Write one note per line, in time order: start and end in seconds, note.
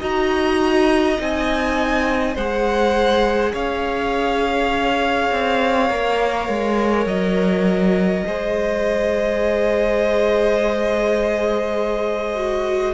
0.00 1.19 D#4
0.00 1.17 F#4
0.00 2.35 D#5
0.00 1.21 A#5
1.17 2.36 C4
1.17 2.35 D#4
1.17 2.37 G#5
2.35 3.54 G#3
2.35 5.90 G#4
2.35 3.52 C5
2.35 3.54 F#5
3.53 5.31 C#4
3.53 8.24 C#5
3.53 7.07 F5
5.32 5.90 C4
5.90 6.49 A#3
5.90 8.25 A#4
6.49 7.06 G#3
7.06 8.24 F#3
7.06 12.94 D#5
8.27 12.94 G#3
8.27 12.36 G#4
8.27 12.94 C5
12.36 12.94 F#4